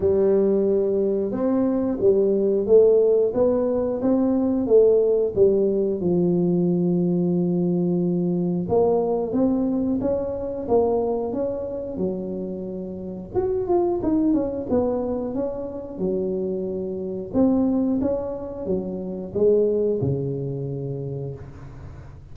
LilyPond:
\new Staff \with { instrumentName = "tuba" } { \time 4/4 \tempo 4 = 90 g2 c'4 g4 | a4 b4 c'4 a4 | g4 f2.~ | f4 ais4 c'4 cis'4 |
ais4 cis'4 fis2 | fis'8 f'8 dis'8 cis'8 b4 cis'4 | fis2 c'4 cis'4 | fis4 gis4 cis2 | }